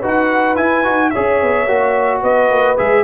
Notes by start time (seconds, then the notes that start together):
0.00 D#4 F#4 B4
0.07 F#5
0.56 E4 G#5
0.84 D#4 F#4
1.10 C#4 G#4 C#5 E5
1.42 B3
1.67 A#3 F#4
2.21 B3 B4 D#5
2.50 A#3
2.77 G#3 G#4 E5